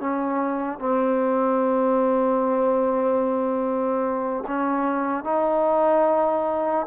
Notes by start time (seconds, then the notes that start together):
0.00 C#4
0.80 C4
4.47 C#4
5.24 D#4